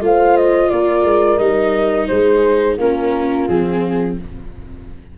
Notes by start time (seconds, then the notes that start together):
0.00 A3 F4 C5 F5
0.36 D#5
0.70 A#3 A#4 D5
1.04 G#3
1.38 G3 D#4 D#5
2.07 G#3 G#4 C5
2.77 A#3 C#4 F4 A#4
3.47 F3 C4 G#4